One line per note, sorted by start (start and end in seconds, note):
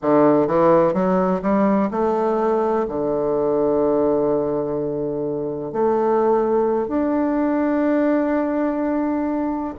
0.02 0.47 D3
0.47 0.93 E3
0.93 1.41 F#3
1.42 1.89 G3
1.90 2.86 A3
2.88 5.72 D3
5.72 6.88 A3
6.88 9.74 D4